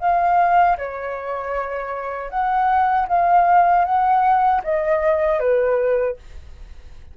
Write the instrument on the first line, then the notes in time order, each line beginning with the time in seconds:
flute
0.00 F5
0.78 C#5
2.30 F#5
3.08 F5
3.85 F#5
4.64 D#5
5.40 B4